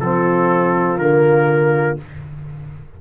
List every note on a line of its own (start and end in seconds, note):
0.00 0.98 F3
0.00 1.00 C4
0.00 2.01 F4
0.00 0.98 A4
0.98 1.97 D3
0.98 1.98 A#3
0.98 1.97 A#4